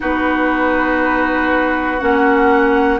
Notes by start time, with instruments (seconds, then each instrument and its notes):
0.00 bassoon B3, clarinet D#4, oboe F#4, flute B4
1.99 bassoon A#3, clarinet C#4, flute F#5